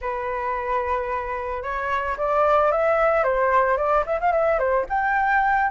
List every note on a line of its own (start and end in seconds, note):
0.01 1.62 B4
1.62 2.16 C#5
2.17 2.71 D5
2.71 3.23 E5
3.23 3.77 C5
3.77 4.04 D5
4.06 4.19 E5
4.20 4.32 F5
4.32 4.58 E5
4.58 4.85 C5
4.89 5.70 G5